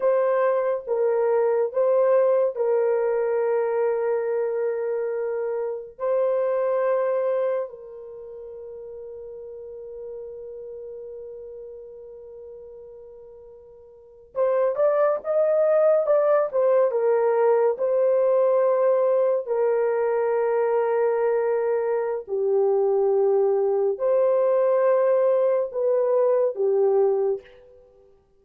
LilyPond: \new Staff \with { instrumentName = "horn" } { \time 4/4 \tempo 4 = 70 c''4 ais'4 c''4 ais'4~ | ais'2. c''4~ | c''4 ais'2.~ | ais'1~ |
ais'8. c''8 d''8 dis''4 d''8 c''8 ais'16~ | ais'8. c''2 ais'4~ ais'16~ | ais'2 g'2 | c''2 b'4 g'4 | }